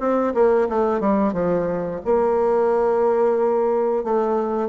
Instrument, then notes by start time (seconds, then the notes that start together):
bassoon
0.00 C4
0.35 A#3
0.69 A3
1.01 G3
1.34 F3
2.06 A#3
4.04 A3